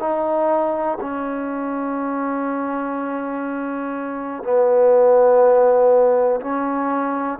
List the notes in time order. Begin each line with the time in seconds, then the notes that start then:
0.00 D#4
1.01 C#4
4.44 B3
6.41 C#4